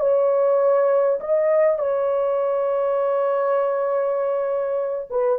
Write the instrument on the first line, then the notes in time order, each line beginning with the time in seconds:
horn
0.00 C#5
1.21 D#5
1.79 C#5
5.11 B4